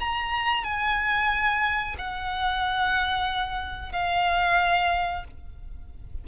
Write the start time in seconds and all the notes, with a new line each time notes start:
0.00 A#5
0.64 G#5
1.98 F#5
3.92 F5